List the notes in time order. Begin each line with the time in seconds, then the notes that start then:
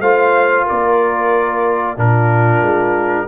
0.00 A3 F4 C5 F5
0.64 A#4 D5
0.70 A#3
1.96 A#2 D4 F4 A#4
2.61 G#3